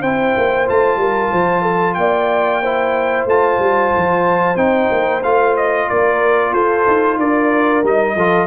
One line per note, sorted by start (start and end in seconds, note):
0.00 0.34 C4
0.00 0.66 E4
0.00 0.98 C5
0.00 0.67 G5
0.36 0.68 A#3
0.66 0.96 A3
0.66 2.62 F4
0.66 1.94 A5
0.96 1.29 G3
0.96 1.32 A#4
1.32 1.97 F3
1.32 1.62 C5
1.62 1.94 A4
1.94 3.25 A#3
1.94 2.62 D5
1.94 3.24 G5
2.62 3.29 E4
2.62 5.88 C5
3.25 3.58 A3
3.25 4.56 F4
3.25 4.56 A5
3.58 3.91 G3
3.96 4.56 F3
4.56 4.88 C4
4.56 5.21 D#4
4.56 5.22 G5
4.91 5.23 A#3
5.23 5.88 A3
5.23 7.84 F4
5.23 5.55 F5
5.56 5.89 D#5
5.89 6.53 A#3
5.89 6.53 A#4
5.89 6.53 D5
6.53 6.85 F4
6.53 7.18 A4
6.53 7.18 C5
6.87 7.18 D#4
7.18 7.83 D4
7.18 8.15 A#4
7.18 7.84 D5
7.83 8.15 G3
7.83 8.16 D#4
7.83 8.47 D#5
8.15 8.47 F3
8.15 8.47 F4
8.15 8.47 A4